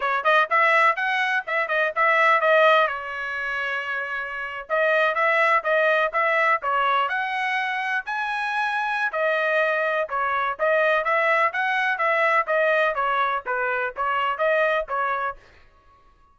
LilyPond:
\new Staff \with { instrumentName = "trumpet" } { \time 4/4 \tempo 4 = 125 cis''8 dis''8 e''4 fis''4 e''8 dis''8 | e''4 dis''4 cis''2~ | cis''4.~ cis''16 dis''4 e''4 dis''16~ | dis''8. e''4 cis''4 fis''4~ fis''16~ |
fis''8. gis''2~ gis''16 dis''4~ | dis''4 cis''4 dis''4 e''4 | fis''4 e''4 dis''4 cis''4 | b'4 cis''4 dis''4 cis''4 | }